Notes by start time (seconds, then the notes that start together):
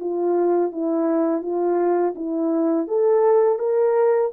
0.00 F4
0.72 E4
1.42 F4
2.15 E4
2.88 A4
3.59 A#4